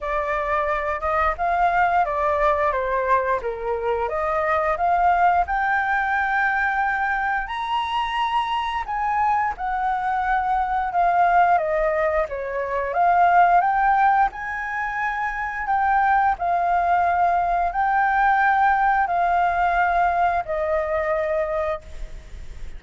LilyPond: \new Staff \with { instrumentName = "flute" } { \time 4/4 \tempo 4 = 88 d''4. dis''8 f''4 d''4 | c''4 ais'4 dis''4 f''4 | g''2. ais''4~ | ais''4 gis''4 fis''2 |
f''4 dis''4 cis''4 f''4 | g''4 gis''2 g''4 | f''2 g''2 | f''2 dis''2 | }